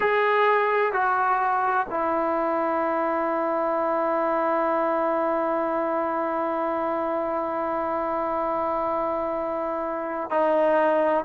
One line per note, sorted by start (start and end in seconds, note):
0.00 0.92 G#4
0.92 1.86 F#4
1.90 10.30 E4
10.30 11.24 D#4